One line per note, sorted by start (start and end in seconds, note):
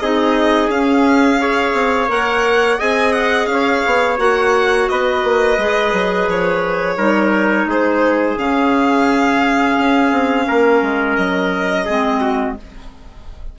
0.00 0.69 C4
0.00 0.71 D#4
0.00 1.41 G#4
0.00 0.70 D#5
0.69 1.73 C#4
0.69 1.39 C#4
0.69 2.11 F5
1.39 2.08 G#4
1.39 2.78 C#5
1.74 2.08 C4
2.08 2.79 A#3
2.08 2.78 A#4
2.08 2.81 F#5
2.78 3.47 C4
2.78 4.18 G#4
2.78 3.48 D#5
2.78 3.13 G#5
3.13 3.47 F#5
3.47 3.81 C#4
3.47 4.17 F5
3.53 4.91 C#5
3.86 4.19 B3
4.18 4.89 A#3
4.18 5.57 F#4
4.18 4.89 F#5
4.89 5.24 B3
4.89 6.97 B4
4.89 6.28 D#5
5.24 5.58 A#3
5.58 5.93 G#3
5.58 6.98 G#4
5.93 6.28 F#3
6.28 6.98 F3
6.28 7.70 C#5
6.97 7.66 G3
6.97 8.37 D#4
6.97 7.67 A#4
7.66 8.36 G#3
7.66 10.48 G#4
7.66 8.39 C5
8.37 9.78 C#3
8.37 11.86 C#4
8.37 11.16 F5
9.78 10.12 C#4
10.12 10.47 C4
10.48 10.82 A#3
10.48 11.86 A#4
10.82 11.17 G#3
11.16 11.88 F#3
11.16 12.56 D#5
11.86 12.59 G#3
11.86 12.57 C4
11.86 12.20 G#4
12.21 12.56 F#4